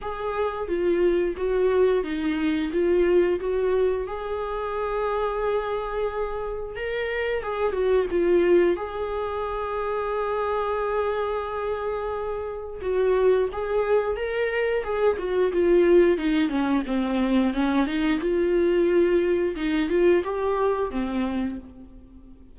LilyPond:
\new Staff \with { instrumentName = "viola" } { \time 4/4 \tempo 4 = 89 gis'4 f'4 fis'4 dis'4 | f'4 fis'4 gis'2~ | gis'2 ais'4 gis'8 fis'8 | f'4 gis'2.~ |
gis'2. fis'4 | gis'4 ais'4 gis'8 fis'8 f'4 | dis'8 cis'8 c'4 cis'8 dis'8 f'4~ | f'4 dis'8 f'8 g'4 c'4 | }